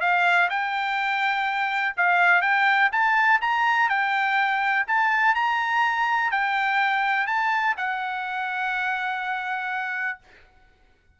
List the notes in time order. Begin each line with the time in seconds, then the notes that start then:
0.00 F5
0.49 G5
1.97 F5
2.41 G5
2.92 A5
3.41 A#5
3.89 G5
4.87 A5
5.35 A#5
6.31 G5
7.26 A5
7.77 F#5